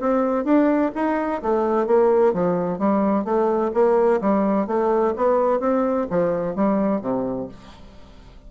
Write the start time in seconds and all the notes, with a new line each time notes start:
0.00 C4
0.44 D4
0.95 D#4
1.42 A3
1.86 A#3
2.33 F3
2.78 G3
3.24 A3
3.74 A#3
4.21 G3
4.67 A3
5.16 B3
5.60 C4
6.10 F3
6.55 G3
7.01 C3